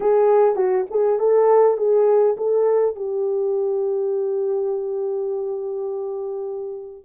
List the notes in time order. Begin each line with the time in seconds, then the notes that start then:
0.00 G#4
0.55 F#4
0.90 G#4
1.19 A4
1.77 G#4
2.37 A4
2.95 G4